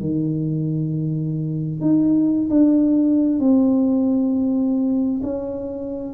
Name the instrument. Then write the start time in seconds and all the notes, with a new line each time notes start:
tuba
0.00 D#3
1.81 D#4
2.50 D4
3.39 C4
5.23 C#4